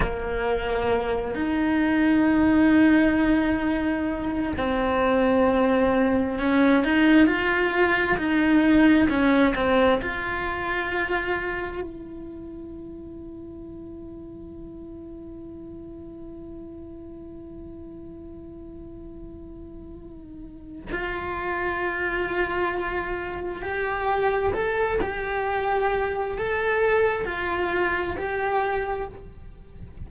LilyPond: \new Staff \with { instrumentName = "cello" } { \time 4/4 \tempo 4 = 66 ais4. dis'2~ dis'8~ | dis'4 c'2 cis'8 dis'8 | f'4 dis'4 cis'8 c'8 f'4~ | f'4 e'2.~ |
e'1~ | e'2. f'4~ | f'2 g'4 a'8 g'8~ | g'4 a'4 f'4 g'4 | }